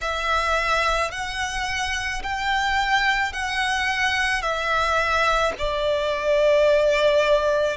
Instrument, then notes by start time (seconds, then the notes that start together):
violin
0.01 E5
1.11 F#5
2.22 G5
3.32 F#5
4.41 E5
5.58 D5